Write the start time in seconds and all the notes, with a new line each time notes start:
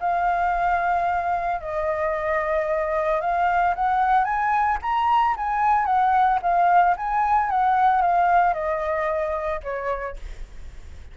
0.00 F5
1.61 D#5
3.21 F5
3.75 F#5
4.24 G#5
4.82 A#5
5.37 G#5
5.85 F#5
6.42 F5
6.97 G#5
7.50 F#5
8.01 F5
8.53 D#5
9.63 C#5